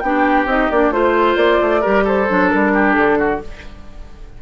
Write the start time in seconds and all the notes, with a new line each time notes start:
0.00 B3 D4 G4 G5
0.46 C4 D#4 D#5
0.71 A#3 D4 D5
0.91 A3 F4 C5
1.36 A#3 D5
1.62 A3
1.81 G3 G4 A#4
2.04 A4 C5
2.29 F#3 D4
2.49 G3 A#4
2.74 G4
2.93 D3 A4
3.19 F#4